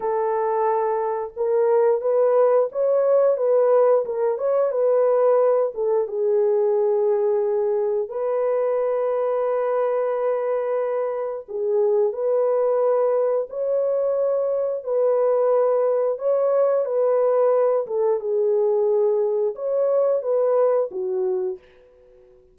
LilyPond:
\new Staff \with { instrumentName = "horn" } { \time 4/4 \tempo 4 = 89 a'2 ais'4 b'4 | cis''4 b'4 ais'8 cis''8 b'4~ | b'8 a'8 gis'2. | b'1~ |
b'4 gis'4 b'2 | cis''2 b'2 | cis''4 b'4. a'8 gis'4~ | gis'4 cis''4 b'4 fis'4 | }